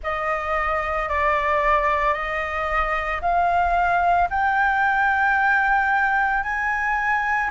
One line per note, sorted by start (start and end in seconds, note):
0.03 1.08 D#5
1.08 2.13 D5
2.13 3.20 D#5
3.21 4.29 F5
4.30 6.43 G5
6.43 7.50 G#5